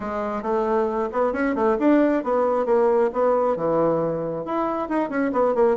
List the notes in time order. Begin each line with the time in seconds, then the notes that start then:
0.00 G#3
0.42 A3
1.12 B3
1.33 C#4
1.55 A3
1.79 D4
2.23 B3
2.65 A#3
3.13 B3
3.56 E3
4.45 E4
4.88 D#4
5.09 C#4
5.32 B3
5.55 A#3